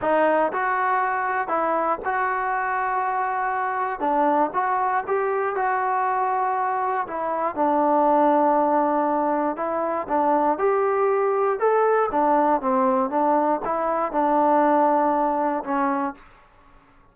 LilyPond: \new Staff \with { instrumentName = "trombone" } { \time 4/4 \tempo 4 = 119 dis'4 fis'2 e'4 | fis'1 | d'4 fis'4 g'4 fis'4~ | fis'2 e'4 d'4~ |
d'2. e'4 | d'4 g'2 a'4 | d'4 c'4 d'4 e'4 | d'2. cis'4 | }